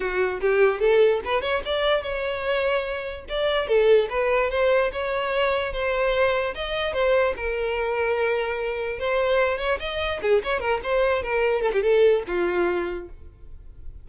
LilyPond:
\new Staff \with { instrumentName = "violin" } { \time 4/4 \tempo 4 = 147 fis'4 g'4 a'4 b'8 cis''8 | d''4 cis''2. | d''4 a'4 b'4 c''4 | cis''2 c''2 |
dis''4 c''4 ais'2~ | ais'2 c''4. cis''8 | dis''4 gis'8 cis''8 ais'8 c''4 ais'8~ | ais'8 a'16 g'16 a'4 f'2 | }